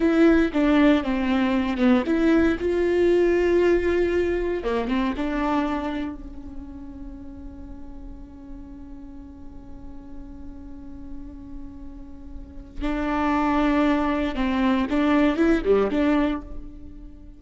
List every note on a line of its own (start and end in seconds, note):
0.00 0.51 E4
0.53 1.03 D4
1.03 1.77 C4
1.77 2.03 B3
2.06 2.57 E4
2.59 4.63 F4
4.63 4.87 A#3
4.87 5.13 C4
5.16 6.15 D4
6.15 12.81 C#4
12.81 14.35 D4
14.35 14.86 C4
14.90 15.36 D4
15.36 15.62 E4
15.64 15.90 G3
15.90 16.41 D4